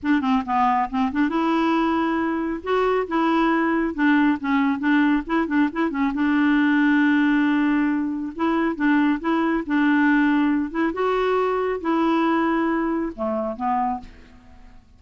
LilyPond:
\new Staff \with { instrumentName = "clarinet" } { \time 4/4 \tempo 4 = 137 d'8 c'8 b4 c'8 d'8 e'4~ | e'2 fis'4 e'4~ | e'4 d'4 cis'4 d'4 | e'8 d'8 e'8 cis'8 d'2~ |
d'2. e'4 | d'4 e'4 d'2~ | d'8 e'8 fis'2 e'4~ | e'2 a4 b4 | }